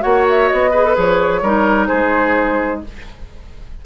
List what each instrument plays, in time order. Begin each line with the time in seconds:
0.00 bassoon A#3, clarinet F#4, oboe C#5, flute F#5
0.29 flute E5
0.48 bassoon B3, flute D#5
0.70 clarinet G#4, oboe B4
0.84 clarinet A4
0.95 bassoon F3, clarinet G#4, flute C#5
1.41 bassoon G3, clarinet D#4, oboe A#4
1.87 bassoon G#3, oboe G#4, flute C5